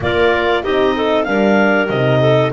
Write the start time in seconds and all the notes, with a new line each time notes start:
0.00 A#3 F4 A#4 D5
0.63 C4 D#4 G4 D#5
0.95 A4
1.23 G3 D4 A#4 F5
1.88 C3 D#4 D#5
2.20 A4